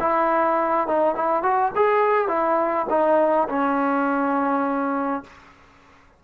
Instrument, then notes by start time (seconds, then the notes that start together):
trombone
0.00 E4
0.87 D#4
1.15 E4
1.42 F#4
1.76 G#4
2.28 E4
2.89 D#4
3.49 C#4